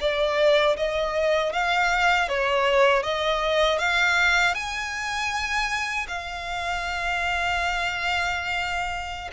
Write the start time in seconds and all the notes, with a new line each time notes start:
0.00 D5
0.76 D#5
1.52 F5
2.28 C#5
3.03 D#5
3.78 F5
4.54 G#5
6.07 F5